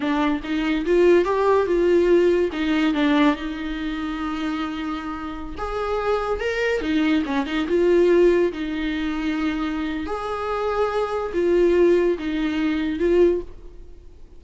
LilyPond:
\new Staff \with { instrumentName = "viola" } { \time 4/4 \tempo 4 = 143 d'4 dis'4 f'4 g'4 | f'2 dis'4 d'4 | dis'1~ | dis'4~ dis'16 gis'2 ais'8.~ |
ais'16 dis'4 cis'8 dis'8 f'4.~ f'16~ | f'16 dis'2.~ dis'8. | gis'2. f'4~ | f'4 dis'2 f'4 | }